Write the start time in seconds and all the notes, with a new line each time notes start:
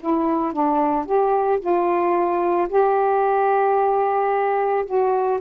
0.00 E4
0.53 D4
1.06 G4
1.60 F4
2.69 G4
4.85 F#4